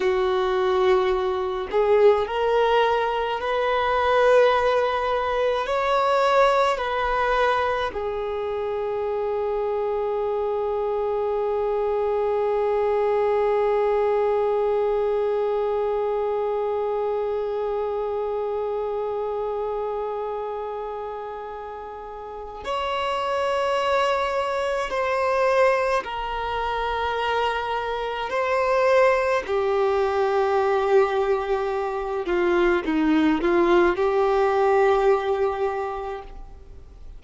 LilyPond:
\new Staff \with { instrumentName = "violin" } { \time 4/4 \tempo 4 = 53 fis'4. gis'8 ais'4 b'4~ | b'4 cis''4 b'4 gis'4~ | gis'1~ | gis'1~ |
gis'1 | cis''2 c''4 ais'4~ | ais'4 c''4 g'2~ | g'8 f'8 dis'8 f'8 g'2 | }